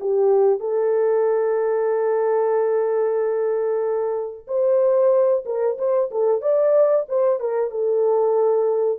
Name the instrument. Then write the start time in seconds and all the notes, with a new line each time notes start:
horn
0.00 G4
0.60 A4
4.47 C5
5.45 A#4
5.78 C5
6.11 A4
6.41 D5
7.09 C5
7.40 A#4
7.70 A4